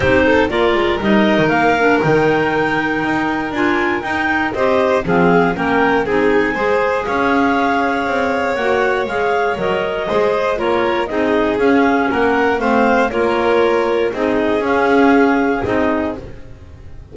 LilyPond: <<
  \new Staff \with { instrumentName = "clarinet" } { \time 4/4 \tempo 4 = 119 c''4 d''4 dis''4 f''4 | g''2. gis''4 | g''4 dis''4 f''4 g''4 | gis''2 f''2~ |
f''4 fis''4 f''4 dis''4~ | dis''4 cis''4 dis''4 f''4 | fis''4 f''4 cis''2 | dis''4 f''2 dis''4 | }
  \new Staff \with { instrumentName = "violin" } { \time 4/4 g'8 a'8 ais'2.~ | ais'1~ | ais'4 c''4 gis'4 ais'4 | gis'4 c''4 cis''2~ |
cis''1 | c''4 ais'4 gis'2 | ais'4 c''4 ais'2 | gis'1 | }
  \new Staff \with { instrumentName = "clarinet" } { \time 4/4 dis'4 f'4 dis'4. d'8 | dis'2. f'4 | dis'4 g'4 c'4 cis'4 | dis'4 gis'2.~ |
gis'4 fis'4 gis'4 ais'4 | gis'4 f'4 dis'4 cis'4~ | cis'4 c'4 f'2 | dis'4 cis'2 dis'4 | }
  \new Staff \with { instrumentName = "double bass" } { \time 4/4 c'4 ais8 gis8 g8. dis16 ais4 | dis2 dis'4 d'4 | dis'4 c'4 f4 ais4 | c'4 gis4 cis'2 |
c'4 ais4 gis4 fis4 | gis4 ais4 c'4 cis'4 | ais4 a4 ais2 | c'4 cis'2 c'4 | }
>>